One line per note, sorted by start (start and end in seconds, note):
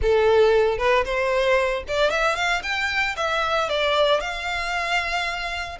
0.02 0.78 A4
0.78 1.04 B4
1.04 1.83 C5
1.88 2.10 D5
2.10 2.35 E5
2.35 2.61 F5
2.62 3.15 G5
3.16 3.69 E5
3.69 4.20 D5
4.20 5.78 F5